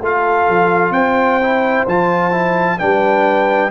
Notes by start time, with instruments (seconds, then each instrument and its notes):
0.00 tuba A3, trombone F4, horn A4, trumpet F5
0.48 tuba F3
0.90 tuba C4, horn C5, trumpet G5
1.41 trombone E4
1.87 tuba F3, trombone F4, trumpet A5
2.31 trombone E4
2.78 tuba G3, trombone D4, horn B4, trumpet G5